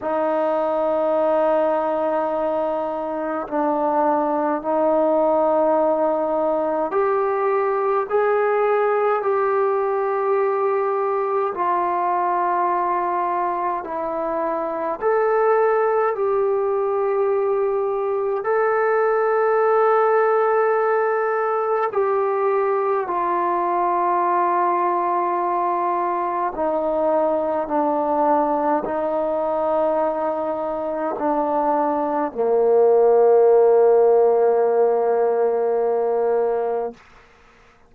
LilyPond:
\new Staff \with { instrumentName = "trombone" } { \time 4/4 \tempo 4 = 52 dis'2. d'4 | dis'2 g'4 gis'4 | g'2 f'2 | e'4 a'4 g'2 |
a'2. g'4 | f'2. dis'4 | d'4 dis'2 d'4 | ais1 | }